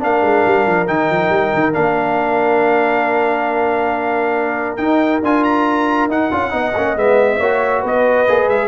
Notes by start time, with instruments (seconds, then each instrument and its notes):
0.00 tuba A#3, trombone D4, horn A#4, trumpet F5
0.22 tuba G#3
0.46 tuba G3
0.67 tuba F3
0.87 tuba D#3, trombone D#4, trumpet G5
1.10 tuba F3
1.30 tuba G3
1.54 tuba D#3
1.74 tuba A#3, trombone D4, trumpet F5
4.77 trombone D#4, tuba D#4, trumpet G5
5.23 tuba D4, trombone F4, trumpet G#5
5.44 trumpet A#5
6.08 tuba D#4, trombone D#4, trumpet F#5
6.32 tuba C#4, trombone F4
6.51 tuba B3, trombone D#4, horn D#5
6.77 tuba A#3, trombone C#4
6.96 tuba G#3, trombone B3, trumpet E5
7.40 tuba A#3, trombone F#4, horn C#5
7.81 tuba B3, horn B4, trumpet D#5
8.28 tuba A#3, trombone G#4
8.48 tuba G#3, trumpet E5